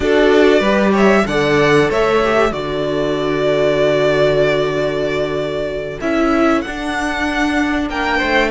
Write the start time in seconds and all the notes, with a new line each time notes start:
0.00 D4 F#4 A4 D5
0.59 G3 G4 B4
0.92 C#5 E5
1.26 D3 A4 D5 F#5
1.89 A3 C#5 E5
2.24 G4
2.51 D3 F#4 A4 D5
6.00 C#4 E4 E5
6.61 D4 F#5
7.89 A#3 A#4 G5
8.17 A3 C5